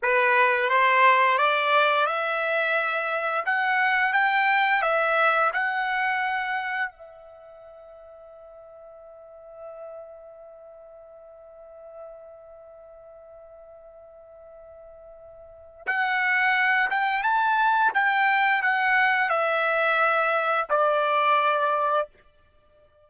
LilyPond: \new Staff \with { instrumentName = "trumpet" } { \time 4/4 \tempo 4 = 87 b'4 c''4 d''4 e''4~ | e''4 fis''4 g''4 e''4 | fis''2 e''2~ | e''1~ |
e''1~ | e''2. fis''4~ | fis''8 g''8 a''4 g''4 fis''4 | e''2 d''2 | }